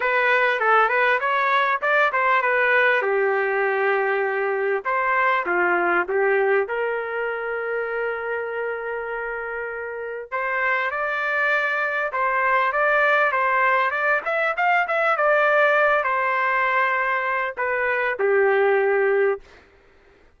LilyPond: \new Staff \with { instrumentName = "trumpet" } { \time 4/4 \tempo 4 = 99 b'4 a'8 b'8 cis''4 d''8 c''8 | b'4 g'2. | c''4 f'4 g'4 ais'4~ | ais'1~ |
ais'4 c''4 d''2 | c''4 d''4 c''4 d''8 e''8 | f''8 e''8 d''4. c''4.~ | c''4 b'4 g'2 | }